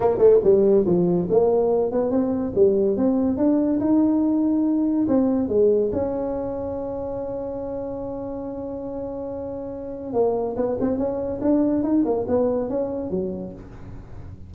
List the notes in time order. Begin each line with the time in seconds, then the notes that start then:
0.00 A#3
0.18 A3
0.43 G3
0.85 F3
1.29 A#3
1.91 B3
2.10 C4
2.55 G3
2.96 C4
3.37 D4
3.80 D#4
5.08 C4
5.48 G#3
5.92 C#4
10.13 A#3
10.56 B3
10.80 C4
10.97 C#4
11.41 D4
11.83 D#4
12.05 A#3
12.27 B3
12.69 C#4
13.10 F#3